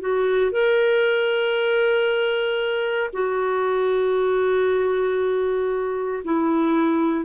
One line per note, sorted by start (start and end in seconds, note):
0.00 0.51 F#4
0.51 3.10 A#4
3.13 6.23 F#4
6.24 7.25 E4